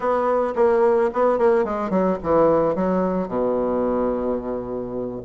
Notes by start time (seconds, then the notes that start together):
0.00 B3
0.55 A#3
1.13 B3
1.38 A#3
1.64 G#3
1.90 F#3
2.22 E3
2.75 F#3
3.28 B2